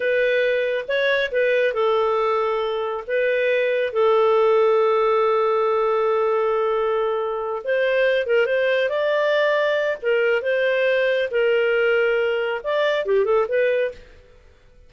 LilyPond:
\new Staff \with { instrumentName = "clarinet" } { \time 4/4 \tempo 4 = 138 b'2 cis''4 b'4 | a'2. b'4~ | b'4 a'2.~ | a'1~ |
a'4. c''4. ais'8 c''8~ | c''8 d''2~ d''8 ais'4 | c''2 ais'2~ | ais'4 d''4 g'8 a'8 b'4 | }